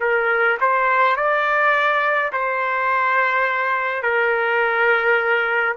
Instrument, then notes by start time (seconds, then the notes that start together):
trumpet
0.00 A#4
0.60 C5
1.16 D5
2.32 C5
4.02 A#4